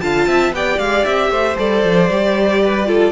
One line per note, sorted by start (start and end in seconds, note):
0.00 0.27 D3
0.00 0.54 F4
0.00 0.28 F5
0.00 0.52 A5
0.27 0.52 C4
0.27 0.54 E5
0.52 0.78 B3
0.52 1.56 G4
0.52 1.31 D5
0.52 0.78 G5
0.78 1.04 G#3
0.78 1.04 F5
1.04 1.30 C4
1.04 1.56 E5
1.30 1.56 A3
1.30 2.61 C5
1.56 1.84 G3
1.56 2.08 A4
1.56 3.12 D5
1.84 2.10 F3
2.10 3.12 G3
2.10 2.86 G4
2.64 2.87 B4
2.86 3.12 F4
2.86 3.12 A4